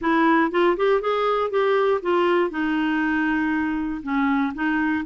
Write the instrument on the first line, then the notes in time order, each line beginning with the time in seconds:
clarinet
0.01 E4
0.51 F4
0.77 G4
1.01 G#4
1.50 G4
2.02 F4
2.50 D#4
4.02 C#4
4.54 D#4